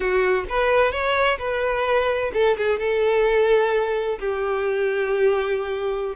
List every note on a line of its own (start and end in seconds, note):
0.00 0.44 F#4
0.49 0.91 B4
0.91 1.38 C#5
1.38 2.31 B4
2.33 2.56 A4
2.57 2.79 G#4
2.79 4.18 A4
4.19 6.15 G4